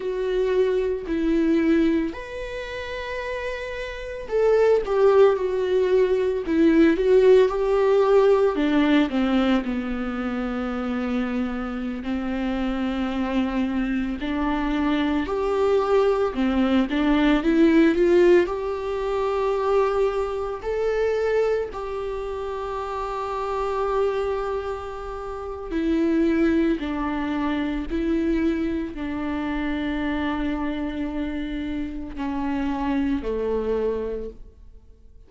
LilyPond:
\new Staff \with { instrumentName = "viola" } { \time 4/4 \tempo 4 = 56 fis'4 e'4 b'2 | a'8 g'8 fis'4 e'8 fis'8 g'4 | d'8 c'8 b2~ b16 c'8.~ | c'4~ c'16 d'4 g'4 c'8 d'16~ |
d'16 e'8 f'8 g'2 a'8.~ | a'16 g'2.~ g'8. | e'4 d'4 e'4 d'4~ | d'2 cis'4 a4 | }